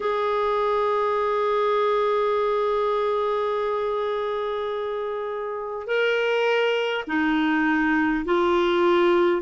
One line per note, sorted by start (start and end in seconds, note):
0.00 5.86 G#4
5.86 7.04 A#4
7.07 8.25 D#4
8.25 9.42 F4